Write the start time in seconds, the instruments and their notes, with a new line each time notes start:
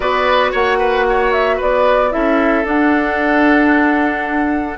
0.00 bassoon B3, clarinet F#4, oboe B4, flute D5
0.51 bassoon A#3, oboe C#5, flute F#5
0.78 oboe B4
1.09 oboe C#5
1.32 flute E5
1.56 bassoon B3, oboe B4, flute D5
2.11 bassoon C#4, clarinet E4, oboe A4, flute E5
2.64 bassoon D4, clarinet D4, flute F#5